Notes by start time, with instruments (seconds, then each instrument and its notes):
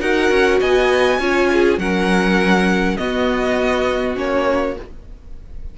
0.00 cello D#4, viola F#4, violin A#4 F#5
0.30 cello C#4
0.60 cello B3, violin D#5 G#5
1.19 cello C#4, viola F4, violin C#5
1.52 violin G#4
1.78 cello F#3, viola C#4, violin A#4 F#5
2.97 viola B3, cello B3, violin F#4 D#5
4.15 cello A#3, viola C#4, violin C#5